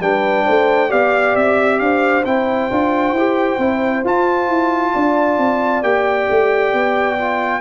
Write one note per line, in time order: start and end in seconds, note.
0.00 0.45 G3
0.00 0.89 D4
0.00 0.45 B4
0.00 0.91 G5
0.45 0.92 A3
0.45 0.88 C5
0.88 1.35 B3
0.88 2.23 G4
0.88 1.78 D5
0.88 1.35 F5
1.35 1.79 C4
1.35 1.79 E5
1.79 2.24 D4
1.79 4.93 C5
1.79 2.23 F5
2.25 2.70 C4
2.25 2.71 E4
2.25 4.04 G5
2.71 3.12 D4
2.71 3.15 F4
3.12 3.56 E4
3.12 3.60 G4
3.58 4.03 C4
3.58 4.04 E4
4.04 4.48 F4
4.04 5.83 F4
4.04 5.83 A5
4.48 4.93 E4
4.93 5.37 D4
4.93 7.61 D5
5.37 5.82 C4
5.82 6.27 A#3
5.82 7.17 G4
5.82 7.61 G5
6.30 6.73 A3
6.73 7.61 B3
7.18 7.61 F4